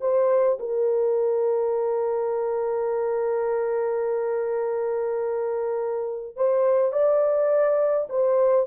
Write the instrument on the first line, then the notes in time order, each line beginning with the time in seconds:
horn
0.00 C5
0.59 A#4
6.36 C5
6.92 D5
8.09 C5